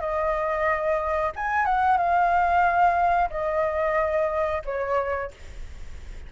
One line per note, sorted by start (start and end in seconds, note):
0.00 1.32 D#5
1.35 1.65 G#5
1.65 1.98 F#5
1.98 3.29 F5
3.30 4.62 D#5
4.65 5.31 C#5